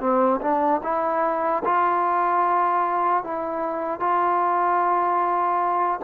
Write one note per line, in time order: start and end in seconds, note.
0.00 0.40 C4
0.41 0.81 D4
0.83 1.63 E4
1.65 3.24 F4
3.24 4.00 E4
4.00 6.00 F4